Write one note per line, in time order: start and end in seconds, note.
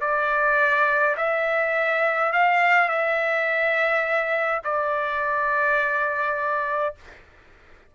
0.00 1.15 D5
1.16 2.32 E5
2.32 2.88 F5
2.88 4.61 E5
4.64 6.94 D5